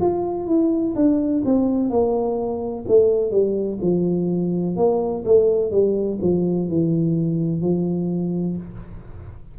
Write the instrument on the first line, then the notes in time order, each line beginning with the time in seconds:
tuba
0.00 F4
0.46 E4
0.95 D4
1.45 C4
1.90 A#3
2.88 A3
3.31 G3
3.81 F3
4.76 A#3
5.25 A3
5.71 G3
6.21 F3
6.68 E3
7.61 F3